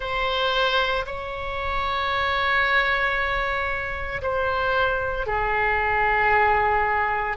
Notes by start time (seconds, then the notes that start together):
0.00 C5
1.05 C#5
4.22 C5
5.26 G#4